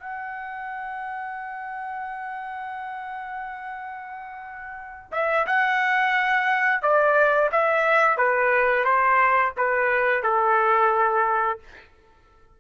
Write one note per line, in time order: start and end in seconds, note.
0.00 5.11 F#5
5.12 5.46 E5
5.47 6.82 F#5
6.82 7.50 D5
7.52 8.18 E5
8.18 8.85 B4
8.85 9.53 C5
9.57 10.23 B4
10.23 11.59 A4